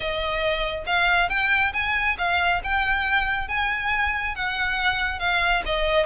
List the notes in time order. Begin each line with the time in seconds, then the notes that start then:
0.00 D#5
0.86 F5
1.29 G5
1.73 G#5
2.18 F5
2.63 G5
3.48 G#5
4.35 F#5
5.19 F5
5.65 D#5